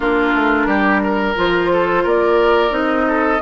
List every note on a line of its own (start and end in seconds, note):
0.00 0.34 A#3
0.00 1.35 D4
0.00 0.66 F4
0.00 1.37 A#4
0.34 0.66 A3
0.66 1.34 G3
0.66 1.00 G4
1.03 1.71 A#4
1.35 2.04 F3
1.35 2.69 F4
1.35 2.07 C5
1.72 2.03 A4
2.03 2.71 A#3
2.03 3.05 A#4
2.03 2.75 D5
2.69 3.39 C4
2.69 3.38 D#4
2.69 3.42 D#5
3.07 3.41 A4